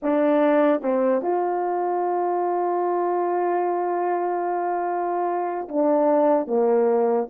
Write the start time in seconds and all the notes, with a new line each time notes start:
0.02 D4
0.81 C4
1.22 F4
5.68 D4
6.47 A#3